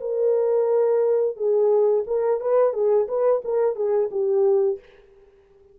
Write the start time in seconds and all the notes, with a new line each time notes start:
0.00 A#4
1.36 G#4
2.06 A#4
2.40 B4
2.73 G#4
3.08 B4
3.44 A#4
3.75 G#4
4.11 G4